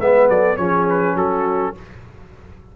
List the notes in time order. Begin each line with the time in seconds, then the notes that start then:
0.00 G#3 B3 B4 E5
0.29 F#3 A4 D5
0.57 F3 C#4 G#4 C#5
0.89 B4
1.15 F#3 F#4 A4